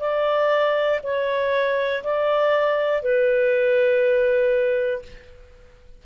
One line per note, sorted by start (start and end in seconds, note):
0.00 1.00 D5
1.04 2.04 C#5
2.04 3.02 D5
3.02 5.02 B4